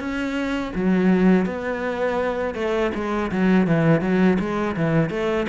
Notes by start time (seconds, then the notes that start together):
0.00 C#4
0.75 F#3
1.46 B3
2.55 A3
2.95 G#3
3.32 F#3
3.68 E3
4.01 F#3
4.40 G#3
4.77 E3
5.11 A3